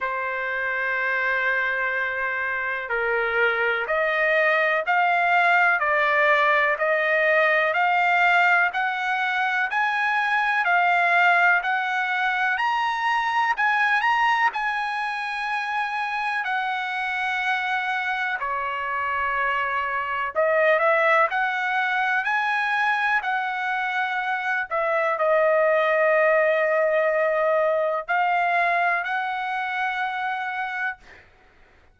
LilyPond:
\new Staff \with { instrumentName = "trumpet" } { \time 4/4 \tempo 4 = 62 c''2. ais'4 | dis''4 f''4 d''4 dis''4 | f''4 fis''4 gis''4 f''4 | fis''4 ais''4 gis''8 ais''8 gis''4~ |
gis''4 fis''2 cis''4~ | cis''4 dis''8 e''8 fis''4 gis''4 | fis''4. e''8 dis''2~ | dis''4 f''4 fis''2 | }